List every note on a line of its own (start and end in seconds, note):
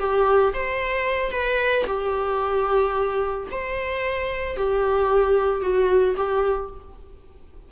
0.00 0.54 G4
0.54 1.32 C5
1.32 1.85 B4
1.87 3.48 G4
3.51 4.57 C5
4.57 5.62 G4
5.62 6.16 F#4
6.17 6.71 G4